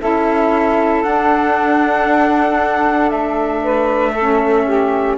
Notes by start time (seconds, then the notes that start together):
0.00 C#4 E4 A4 E5
1.03 D4 F#5
3.09 A3 E5
3.63 B4
4.12 A4
4.18 C#4
4.66 G4